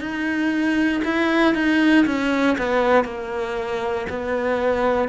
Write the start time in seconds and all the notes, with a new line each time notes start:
0.00 D#4
1.04 E4
1.54 D#4
2.05 C#4
2.57 B3
3.04 A#3
4.09 B3